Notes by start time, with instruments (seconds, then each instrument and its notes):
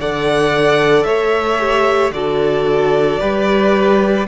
0.00 cello D3, viola A4, violin D5 F#5
1.04 cello A3, violin C#5 E5
1.58 viola G4
2.11 cello D3, viola F#4, violin A4 D5
3.20 cello G3, viola G4, violin B4